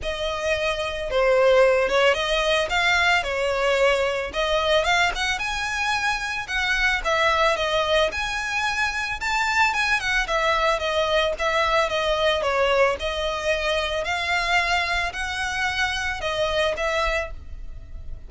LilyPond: \new Staff \with { instrumentName = "violin" } { \time 4/4 \tempo 4 = 111 dis''2 c''4. cis''8 | dis''4 f''4 cis''2 | dis''4 f''8 fis''8 gis''2 | fis''4 e''4 dis''4 gis''4~ |
gis''4 a''4 gis''8 fis''8 e''4 | dis''4 e''4 dis''4 cis''4 | dis''2 f''2 | fis''2 dis''4 e''4 | }